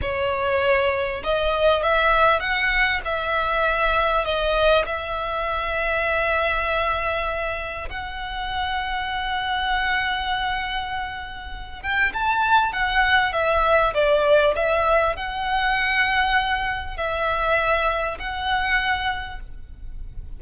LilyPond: \new Staff \with { instrumentName = "violin" } { \time 4/4 \tempo 4 = 99 cis''2 dis''4 e''4 | fis''4 e''2 dis''4 | e''1~ | e''4 fis''2.~ |
fis''2.~ fis''8 g''8 | a''4 fis''4 e''4 d''4 | e''4 fis''2. | e''2 fis''2 | }